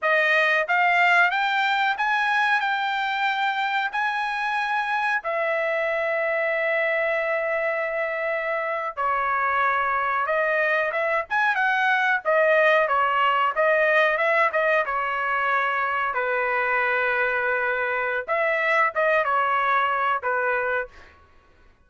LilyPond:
\new Staff \with { instrumentName = "trumpet" } { \time 4/4 \tempo 4 = 92 dis''4 f''4 g''4 gis''4 | g''2 gis''2 | e''1~ | e''4.~ e''16 cis''2 dis''16~ |
dis''8. e''8 gis''8 fis''4 dis''4 cis''16~ | cis''8. dis''4 e''8 dis''8 cis''4~ cis''16~ | cis''8. b'2.~ b'16 | e''4 dis''8 cis''4. b'4 | }